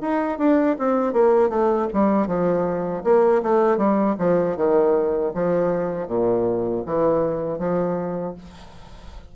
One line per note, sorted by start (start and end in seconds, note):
0.00 0.38 D#4
0.38 0.76 D4
0.78 1.13 C4
1.13 1.49 A#3
1.49 1.87 A3
1.93 2.27 G3
2.27 3.03 F3
3.03 3.41 A#3
3.42 3.77 A3
3.77 4.15 G3
4.18 4.56 F3
4.56 5.32 D#3
5.34 6.07 F3
6.07 6.83 A#2
6.86 7.58 E3
7.58 8.34 F3